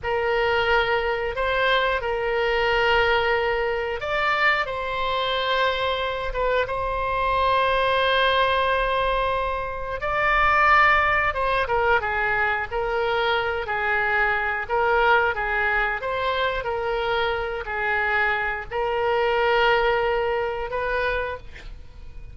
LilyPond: \new Staff \with { instrumentName = "oboe" } { \time 4/4 \tempo 4 = 90 ais'2 c''4 ais'4~ | ais'2 d''4 c''4~ | c''4. b'8 c''2~ | c''2. d''4~ |
d''4 c''8 ais'8 gis'4 ais'4~ | ais'8 gis'4. ais'4 gis'4 | c''4 ais'4. gis'4. | ais'2. b'4 | }